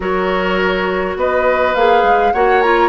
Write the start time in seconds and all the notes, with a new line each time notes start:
0.00 F#3 F#4 A#4 C#5
1.16 B3 B4 D#5
1.74 A#3 G#4 F5
2.03 G#3
2.32 A#3 F#4 C#5 F#5
2.61 F4 A#5